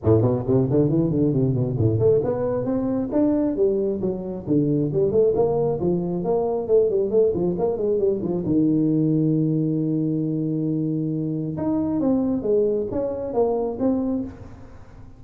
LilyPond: \new Staff \with { instrumentName = "tuba" } { \time 4/4 \tempo 4 = 135 a,8 b,8 c8 d8 e8 d8 c8 b,8 | a,8 a8 b4 c'4 d'4 | g4 fis4 d4 g8 a8 | ais4 f4 ais4 a8 g8 |
a8 f8 ais8 gis8 g8 f8 dis4~ | dis1~ | dis2 dis'4 c'4 | gis4 cis'4 ais4 c'4 | }